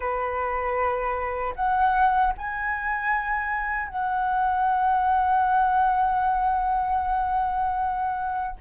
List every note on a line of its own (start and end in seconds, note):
0.00 1.54 B4
1.55 2.33 F#5
2.37 3.88 G#5
3.88 8.56 F#5